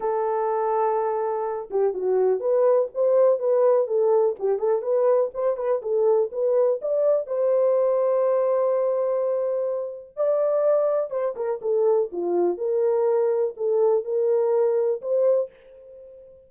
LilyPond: \new Staff \with { instrumentName = "horn" } { \time 4/4 \tempo 4 = 124 a'2.~ a'8 g'8 | fis'4 b'4 c''4 b'4 | a'4 g'8 a'8 b'4 c''8 b'8 | a'4 b'4 d''4 c''4~ |
c''1~ | c''4 d''2 c''8 ais'8 | a'4 f'4 ais'2 | a'4 ais'2 c''4 | }